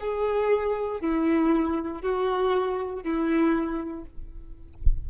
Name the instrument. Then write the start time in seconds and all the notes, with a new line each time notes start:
violin
0.00 G#4
1.01 E4
2.02 F#4
3.03 E4